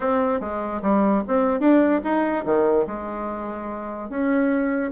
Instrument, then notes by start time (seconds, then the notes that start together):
bassoon
0.00 C4
0.40 G#3
0.82 G3
1.27 C4
1.60 D4
2.04 D#4
2.45 D#3
2.87 G#3
4.09 C#4